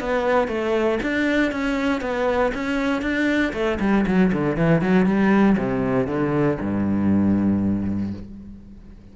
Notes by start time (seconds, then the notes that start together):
0.00 B3
0.48 A3
1.02 D4
1.51 C#4
2.01 B3
2.54 C#4
3.02 D4
3.53 A3
3.80 G3
4.06 F#3
4.33 D3
4.56 E3
4.81 F#3
5.06 G3
5.58 C3
6.07 D3
6.61 G2